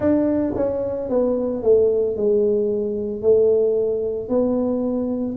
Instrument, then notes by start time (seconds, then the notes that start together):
tuba
0.00 D4
0.55 C#4
1.09 B3
1.62 A3
2.16 G#3
3.21 A3
4.29 B3